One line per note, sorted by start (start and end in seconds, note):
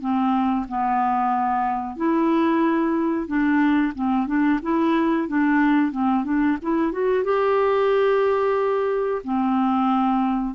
0.00 0.66 C4
0.68 1.96 B3
1.96 3.27 E4
3.27 3.93 D4
3.95 4.26 C4
4.26 4.59 D4
4.62 5.28 E4
5.28 5.91 D4
5.91 6.24 C4
6.24 6.57 D4
6.62 6.92 E4
6.92 7.24 F#4
7.24 9.22 G4
9.24 10.54 C4